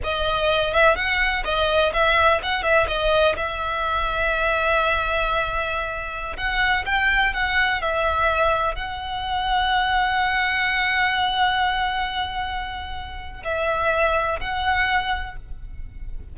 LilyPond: \new Staff \with { instrumentName = "violin" } { \time 4/4 \tempo 4 = 125 dis''4. e''8 fis''4 dis''4 | e''4 fis''8 e''8 dis''4 e''4~ | e''1~ | e''4~ e''16 fis''4 g''4 fis''8.~ |
fis''16 e''2 fis''4.~ fis''16~ | fis''1~ | fis''1 | e''2 fis''2 | }